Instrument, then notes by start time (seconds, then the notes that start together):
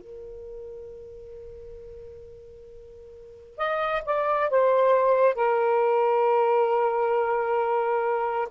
saxophone
0.00 A#4
3.57 D#5
4.05 D5
4.49 C5
5.34 A#4